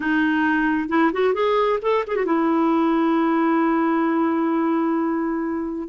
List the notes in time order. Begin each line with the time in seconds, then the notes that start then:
0.00 D#4
0.88 E4
1.12 F#4
1.34 G#4
1.81 A4
2.07 G#4
2.15 F#4
2.25 E4